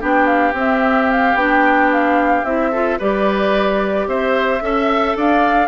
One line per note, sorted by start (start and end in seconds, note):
0.00 0.53 B3
0.00 0.54 D4
0.00 2.71 G4
0.00 0.26 G5
0.26 0.53 F5
0.53 1.34 C4
0.53 1.38 C4
0.53 1.11 E5
1.11 1.36 F5
1.35 2.43 B3
1.35 2.46 D4
1.35 1.90 G5
1.92 2.45 F5
2.44 2.98 C4
2.44 2.73 E4
2.44 2.99 E5
2.72 3.00 F4
2.72 2.99 A4
2.99 4.07 G3
2.99 4.61 G4
2.99 4.07 B4
2.99 4.08 D5
4.07 4.61 C4
4.07 4.63 C5
4.07 5.17 E5
4.61 5.16 C#4
4.61 5.68 A4
4.61 5.17 E5
5.16 5.68 D4
5.16 5.68 D5
5.16 5.68 F5